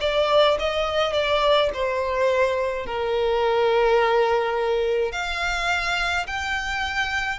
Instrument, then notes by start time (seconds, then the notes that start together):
violin
0.00 D5
0.59 D#5
1.12 D5
1.73 C5
2.86 A#4
5.12 F5
6.26 G5